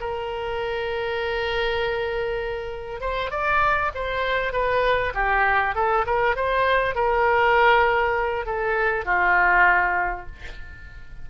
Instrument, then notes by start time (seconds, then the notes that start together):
oboe
0.00 A#4
3.01 C5
3.30 D5
3.94 C5
4.52 B4
5.14 G4
5.75 A4
6.06 A#4
6.36 C5
6.95 A#4
8.46 A4
9.05 F4